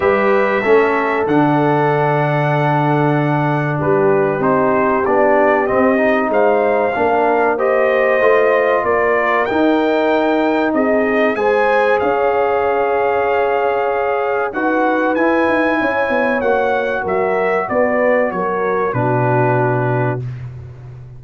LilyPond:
<<
  \new Staff \with { instrumentName = "trumpet" } { \time 4/4 \tempo 4 = 95 e''2 fis''2~ | fis''2 b'4 c''4 | d''4 dis''4 f''2 | dis''2 d''4 g''4~ |
g''4 dis''4 gis''4 f''4~ | f''2. fis''4 | gis''2 fis''4 e''4 | d''4 cis''4 b'2 | }
  \new Staff \with { instrumentName = "horn" } { \time 4/4 b'4 a'2.~ | a'2 g'2~ | g'2 c''4 ais'4 | c''2 ais'2~ |
ais'4 gis'4 c''4 cis''4~ | cis''2. b'4~ | b'4 cis''2 ais'4 | b'4 ais'4 fis'2 | }
  \new Staff \with { instrumentName = "trombone" } { \time 4/4 g'4 cis'4 d'2~ | d'2. dis'4 | d'4 c'8 dis'4. d'4 | g'4 f'2 dis'4~ |
dis'2 gis'2~ | gis'2. fis'4 | e'2 fis'2~ | fis'2 d'2 | }
  \new Staff \with { instrumentName = "tuba" } { \time 4/4 g4 a4 d2~ | d2 g4 c'4 | b4 c'4 gis4 ais4~ | ais4 a4 ais4 dis'4~ |
dis'4 c'4 gis4 cis'4~ | cis'2. dis'4 | e'8 dis'8 cis'8 b8 ais4 fis4 | b4 fis4 b,2 | }
>>